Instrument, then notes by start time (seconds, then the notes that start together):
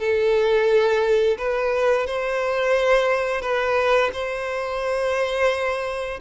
violin
0.00 A4
1.39 B4
2.07 C5
3.42 B4
4.13 C5